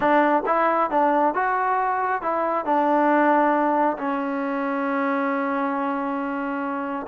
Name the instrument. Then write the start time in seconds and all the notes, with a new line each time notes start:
trombone
0.00 D4
0.46 E4
0.90 D4
1.34 F#4
2.21 E4
2.65 D4
3.97 C#4